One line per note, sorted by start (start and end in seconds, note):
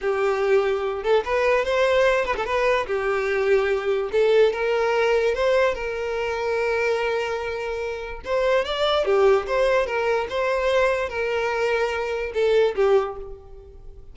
0.01 1.03 G4
1.03 1.23 A4
1.25 1.64 B4
1.64 2.25 C5
2.25 2.35 B4
2.36 2.45 A4
2.45 2.86 B4
2.87 4.10 G4
4.12 4.52 A4
4.52 5.34 A#4
5.34 5.74 C5
5.74 8.21 A#4
8.24 8.64 C5
8.64 9.05 D5
9.05 9.46 G4
9.47 9.86 C5
9.86 10.27 A#4
10.29 11.09 C5
11.09 12.32 A#4
12.33 12.75 A4
12.75 13.16 G4